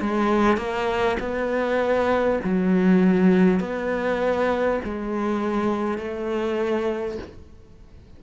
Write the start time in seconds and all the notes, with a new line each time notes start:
0.00 G#3
0.57 A#3
1.19 B3
2.44 F#3
3.60 B3
4.84 G#3
5.98 A3